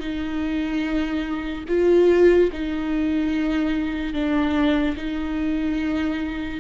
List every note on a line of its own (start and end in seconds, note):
0.00 1.64 D#4
1.68 2.50 F4
2.53 4.14 D#4
4.14 4.96 D4
4.97 6.60 D#4